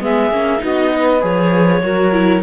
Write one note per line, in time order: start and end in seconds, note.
0.00 0.31 G#3
0.00 0.30 B3
0.00 0.61 G#4
0.00 0.63 E5
0.31 0.61 A#3
0.31 0.58 C#4
0.58 1.23 B3
0.58 1.18 D#4
0.58 0.91 F#4
0.58 1.23 D#5
0.91 1.82 B4
1.21 1.82 F3
1.21 1.81 G#4
1.21 2.42 C#5
1.82 2.42 F#3
1.82 2.12 F#4
1.82 2.42 A#4
2.12 2.42 E4